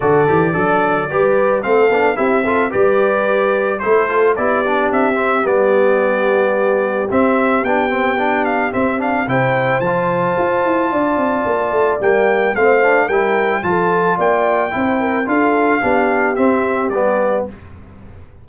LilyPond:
<<
  \new Staff \with { instrumentName = "trumpet" } { \time 4/4 \tempo 4 = 110 d''2. f''4 | e''4 d''2 c''4 | d''4 e''4 d''2~ | d''4 e''4 g''4. f''8 |
e''8 f''8 g''4 a''2~ | a''2 g''4 f''4 | g''4 a''4 g''2 | f''2 e''4 d''4 | }
  \new Staff \with { instrumentName = "horn" } { \time 4/4 a'4 d'4 b'4 a'4 | g'8 a'8 b'2 a'4 | g'1~ | g'1~ |
g'4 c''2. | d''2. c''4 | ais'4 a'4 d''4 c''8 ais'8 | a'4 g'2. | }
  \new Staff \with { instrumentName = "trombone" } { \time 4/4 fis'8 g'8 a'4 g'4 c'8 d'8 | e'8 f'8 g'2 e'8 f'8 | e'8 d'4 c'8 b2~ | b4 c'4 d'8 c'8 d'4 |
c'8 d'8 e'4 f'2~ | f'2 ais4 c'8 d'8 | e'4 f'2 e'4 | f'4 d'4 c'4 b4 | }
  \new Staff \with { instrumentName = "tuba" } { \time 4/4 d8 e8 fis4 g4 a8 b8 | c'4 g2 a4 | b4 c'4 g2~ | g4 c'4 b2 |
c'4 c4 f4 f'8 e'8 | d'8 c'8 ais8 a8 g4 a4 | g4 f4 ais4 c'4 | d'4 b4 c'4 g4 | }
>>